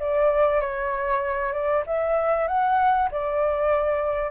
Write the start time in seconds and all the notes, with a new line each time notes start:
0.00 D5
0.61 C#5
1.53 D5
1.86 E5
2.47 F#5
3.12 D5